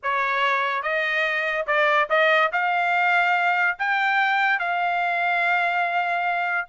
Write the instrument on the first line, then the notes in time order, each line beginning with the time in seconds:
trumpet
0.02 C#5
0.82 D#5
1.66 D5
2.09 D#5
2.52 F5
3.78 G5
4.59 F5